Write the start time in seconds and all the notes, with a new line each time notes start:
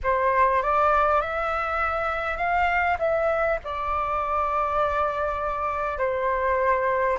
0.03 C5
0.62 D5
1.21 E5
2.37 F5
2.98 E5
3.63 D5
5.98 C5